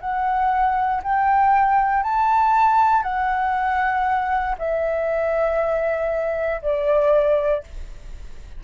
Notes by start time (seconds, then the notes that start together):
0.00 F#5
1.03 G5
2.03 A5
3.02 F#5
4.58 E5
6.61 D5